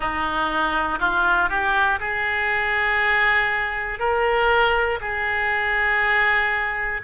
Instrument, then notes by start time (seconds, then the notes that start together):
oboe
0.00 D#4
0.99 F4
1.49 G4
2.00 G#4
3.99 A#4
5.00 G#4